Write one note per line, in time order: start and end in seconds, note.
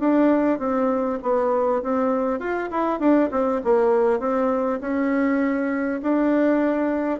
0.00 0.59 D4
0.59 1.19 C4
1.22 1.82 B3
1.83 2.39 C4
2.39 2.69 F4
2.71 3.00 E4
3.00 3.30 D4
3.32 3.62 C4
3.64 4.20 A#3
4.20 4.80 C4
4.81 6.01 C#4
6.02 7.20 D4